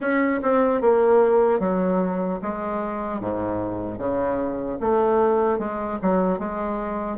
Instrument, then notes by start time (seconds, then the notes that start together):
bassoon
0.00 C#4
0.42 C4
0.81 A#3
1.59 F#3
2.41 G#3
3.20 G#2
3.98 C#3
4.80 A3
5.59 G#3
6.02 F#3
6.38 G#3